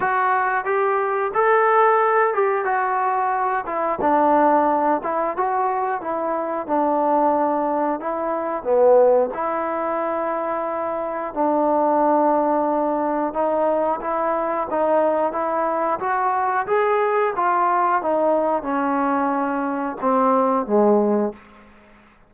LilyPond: \new Staff \with { instrumentName = "trombone" } { \time 4/4 \tempo 4 = 90 fis'4 g'4 a'4. g'8 | fis'4. e'8 d'4. e'8 | fis'4 e'4 d'2 | e'4 b4 e'2~ |
e'4 d'2. | dis'4 e'4 dis'4 e'4 | fis'4 gis'4 f'4 dis'4 | cis'2 c'4 gis4 | }